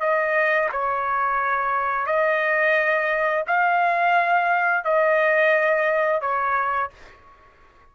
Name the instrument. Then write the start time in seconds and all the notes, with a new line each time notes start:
trumpet
0.00 D#5
0.72 C#5
2.06 D#5
3.47 F5
4.84 D#5
6.21 C#5